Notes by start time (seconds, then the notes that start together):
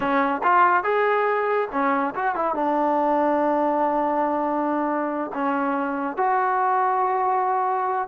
0.00 C#4
0.43 F4
0.83 G#4
1.71 C#4
2.14 F#4
2.35 E4
2.54 D4
5.33 C#4
6.17 F#4